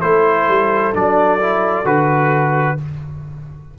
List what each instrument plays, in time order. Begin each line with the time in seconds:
0.00 tuba A3, trombone E4, horn A4, trumpet C5
0.48 tuba G3
0.94 tuba F#3, trombone D4, trumpet D5
1.40 trombone E4
1.84 tuba D3, trombone F#4, trumpet B4